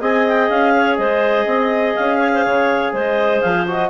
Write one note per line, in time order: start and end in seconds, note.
0.00 0.49 C4
0.00 3.66 G#4
0.00 0.73 D#5
0.00 0.27 G#5
0.27 0.49 G5
0.49 0.98 C#4
0.49 0.96 F5
0.74 0.98 C#5
0.96 1.45 G#3
0.96 1.45 C5
0.96 1.93 D#5
1.45 1.94 C4
1.45 2.17 D#5
1.95 2.46 C#4
1.95 2.93 F5
2.17 2.30 C#5
2.33 2.44 C5
2.44 2.92 C#3
2.44 2.93 C#5
2.92 3.41 G#3
2.92 3.90 C5
2.92 3.41 D#5
3.41 3.90 F3
3.41 3.65 F5
3.66 3.90 F#4
3.66 3.90 D#5